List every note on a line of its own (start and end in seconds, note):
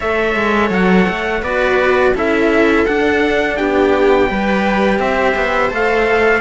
0.00 0.35 A3
0.00 1.44 A4
0.00 1.42 C#5
0.00 0.71 E5
0.35 0.70 G#3
0.70 1.06 F#3
0.70 1.43 F#5
1.08 1.42 A3
1.42 2.13 B3
1.42 2.14 F#4
1.42 2.13 B4
1.42 2.14 D5
2.14 2.86 C#4
2.14 2.85 E4
2.14 3.57 A4
2.14 2.86 E5
2.86 3.59 D4
2.86 4.27 D4
2.86 3.56 F#5
3.56 4.30 B3
3.56 4.29 G4
3.56 4.99 G5
4.27 4.99 G3
4.27 5.70 G4
4.27 4.99 B4
4.99 5.34 C4
4.99 6.40 C5
4.99 5.71 E5
5.35 5.71 B3
5.70 6.40 A3
5.70 6.40 A4
5.70 6.40 F5